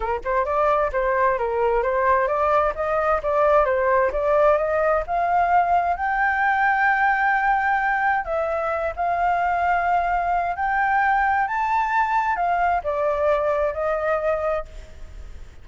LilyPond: \new Staff \with { instrumentName = "flute" } { \time 4/4 \tempo 4 = 131 ais'8 c''8 d''4 c''4 ais'4 | c''4 d''4 dis''4 d''4 | c''4 d''4 dis''4 f''4~ | f''4 g''2.~ |
g''2 e''4. f''8~ | f''2. g''4~ | g''4 a''2 f''4 | d''2 dis''2 | }